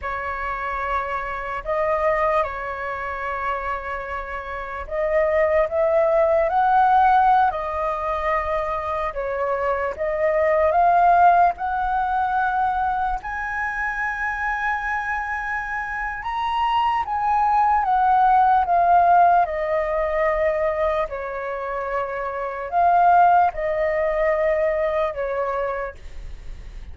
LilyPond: \new Staff \with { instrumentName = "flute" } { \time 4/4 \tempo 4 = 74 cis''2 dis''4 cis''4~ | cis''2 dis''4 e''4 | fis''4~ fis''16 dis''2 cis''8.~ | cis''16 dis''4 f''4 fis''4.~ fis''16~ |
fis''16 gis''2.~ gis''8. | ais''4 gis''4 fis''4 f''4 | dis''2 cis''2 | f''4 dis''2 cis''4 | }